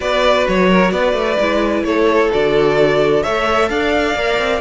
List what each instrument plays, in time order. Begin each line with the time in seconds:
0.00 cello B3, viola F#4, violin B4 D5
0.48 cello F#3, violin C#5
0.69 violin A#4
0.91 cello B3, violin B4 D5
1.13 cello A3
1.39 cello G#3, viola E4
1.82 cello A3, violin A4 C#5
2.31 cello D3, viola F#4, violin D5
3.22 cello A3, viola A4, violin C#5 E5
3.69 cello D4, violin D5 F5
4.15 cello A#3, viola A#4
4.38 cello C4